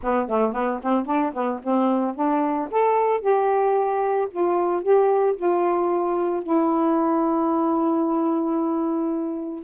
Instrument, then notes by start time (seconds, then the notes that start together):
saxophone
0.02 B3
0.28 A3
0.53 B3
0.82 C4
1.05 D4
1.33 B3
1.63 C4
2.15 D4
2.70 A4
3.20 G4
4.30 F4
4.82 G4
5.36 F4
6.43 E4